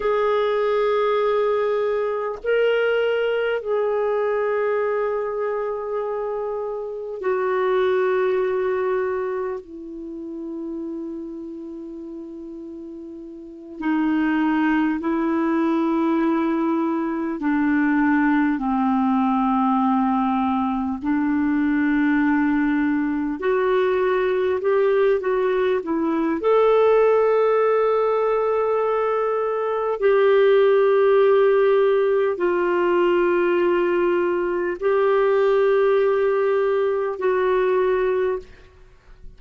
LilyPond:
\new Staff \with { instrumentName = "clarinet" } { \time 4/4 \tempo 4 = 50 gis'2 ais'4 gis'4~ | gis'2 fis'2 | e'2.~ e'8 dis'8~ | dis'8 e'2 d'4 c'8~ |
c'4. d'2 fis'8~ | fis'8 g'8 fis'8 e'8 a'2~ | a'4 g'2 f'4~ | f'4 g'2 fis'4 | }